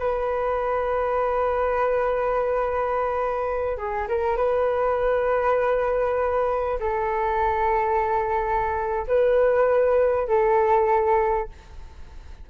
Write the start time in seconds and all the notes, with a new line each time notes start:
0.00 B4
3.78 G#4
4.09 A#4
4.37 B4
6.80 A4
9.08 B4
10.28 A4